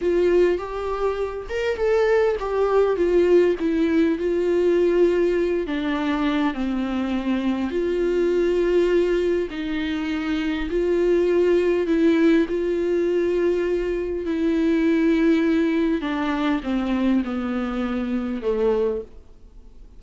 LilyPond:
\new Staff \with { instrumentName = "viola" } { \time 4/4 \tempo 4 = 101 f'4 g'4. ais'8 a'4 | g'4 f'4 e'4 f'4~ | f'4. d'4. c'4~ | c'4 f'2. |
dis'2 f'2 | e'4 f'2. | e'2. d'4 | c'4 b2 a4 | }